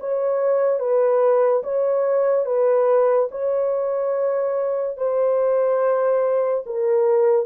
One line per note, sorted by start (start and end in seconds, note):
0.00 0.80 C#5
0.80 1.63 B4
1.64 2.46 C#5
2.46 3.29 B4
3.31 4.97 C#5
4.97 6.64 C5
6.66 7.46 A#4